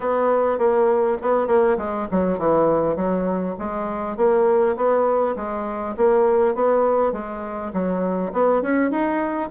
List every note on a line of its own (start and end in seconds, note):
0.00 0.58 B3
0.58 1.17 A#3
1.22 1.47 B3
1.47 1.77 A#3
1.77 2.07 G#3
2.11 2.38 F#3
2.38 2.96 E3
2.96 3.55 F#3
3.59 4.16 G#3
4.16 4.76 A#3
4.76 5.35 B3
5.36 5.95 G#3
5.96 6.55 A#3
6.55 7.12 B3
7.12 7.71 G#3
7.73 8.32 F#3
8.32 8.61 B3
8.61 8.90 C#4
8.90 9.50 D#4